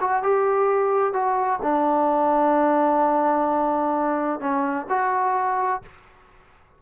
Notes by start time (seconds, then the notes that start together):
0.00 F#4
0.22 G4
1.13 F#4
1.62 D4
4.40 C#4
4.89 F#4